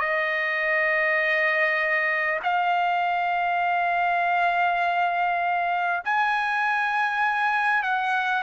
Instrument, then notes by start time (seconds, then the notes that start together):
trumpet
0.00 D#5
2.43 F5
6.04 G#5
7.83 F#5